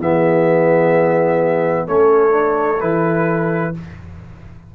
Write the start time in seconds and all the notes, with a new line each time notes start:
0.00 E3 B3 G#4 E5
1.87 A3 C#4 A4 C#5
2.31 D4
2.80 E3 E4 B4